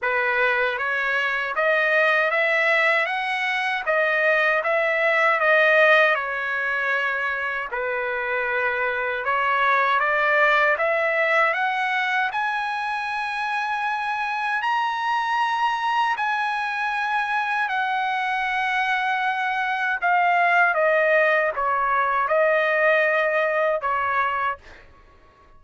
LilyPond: \new Staff \with { instrumentName = "trumpet" } { \time 4/4 \tempo 4 = 78 b'4 cis''4 dis''4 e''4 | fis''4 dis''4 e''4 dis''4 | cis''2 b'2 | cis''4 d''4 e''4 fis''4 |
gis''2. ais''4~ | ais''4 gis''2 fis''4~ | fis''2 f''4 dis''4 | cis''4 dis''2 cis''4 | }